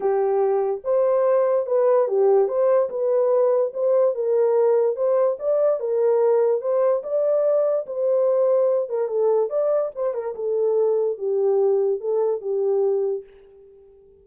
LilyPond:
\new Staff \with { instrumentName = "horn" } { \time 4/4 \tempo 4 = 145 g'2 c''2 | b'4 g'4 c''4 b'4~ | b'4 c''4 ais'2 | c''4 d''4 ais'2 |
c''4 d''2 c''4~ | c''4. ais'8 a'4 d''4 | c''8 ais'8 a'2 g'4~ | g'4 a'4 g'2 | }